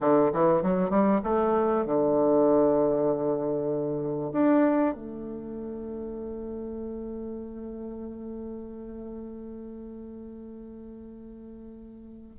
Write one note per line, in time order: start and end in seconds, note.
0.00 0.31 D3
0.32 0.62 E3
0.62 0.90 F#3
0.90 1.21 G3
1.23 1.85 A3
1.85 4.32 D3
4.32 4.94 D4
4.94 12.36 A3